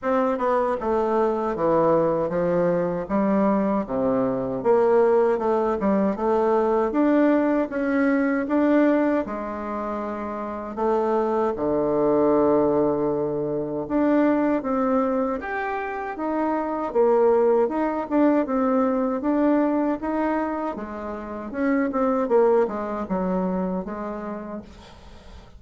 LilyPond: \new Staff \with { instrumentName = "bassoon" } { \time 4/4 \tempo 4 = 78 c'8 b8 a4 e4 f4 | g4 c4 ais4 a8 g8 | a4 d'4 cis'4 d'4 | gis2 a4 d4~ |
d2 d'4 c'4 | g'4 dis'4 ais4 dis'8 d'8 | c'4 d'4 dis'4 gis4 | cis'8 c'8 ais8 gis8 fis4 gis4 | }